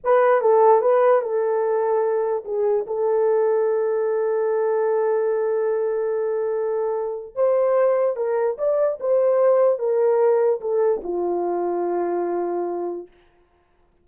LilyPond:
\new Staff \with { instrumentName = "horn" } { \time 4/4 \tempo 4 = 147 b'4 a'4 b'4 a'4~ | a'2 gis'4 a'4~ | a'1~ | a'1~ |
a'2 c''2 | ais'4 d''4 c''2 | ais'2 a'4 f'4~ | f'1 | }